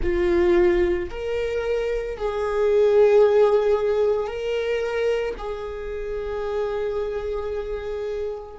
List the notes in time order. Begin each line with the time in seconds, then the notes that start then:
0.02 F4
1.10 A#4
2.17 G#4
4.27 A#4
5.38 G#4